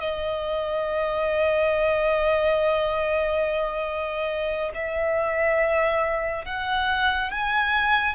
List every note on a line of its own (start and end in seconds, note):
0.00 4.71 D#5
4.74 6.45 E5
6.45 7.31 F#5
7.31 8.15 G#5